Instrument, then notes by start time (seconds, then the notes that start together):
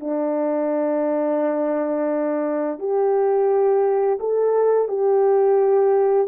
horn
0.00 D4
2.79 G4
4.20 A4
4.88 G4